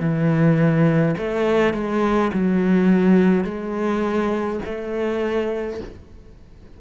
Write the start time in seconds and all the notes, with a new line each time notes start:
0.00 E3
1.18 A3
1.74 G#3
2.33 F#3
3.45 G#3
4.65 A3